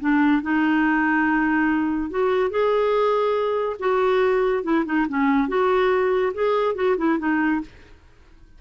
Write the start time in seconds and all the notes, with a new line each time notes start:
0.00 D4
0.42 D#4
2.10 F#4
2.50 G#4
3.79 F#4
4.63 E4
4.85 D#4
5.08 C#4
5.48 F#4
6.34 G#4
6.75 F#4
6.97 E4
7.19 D#4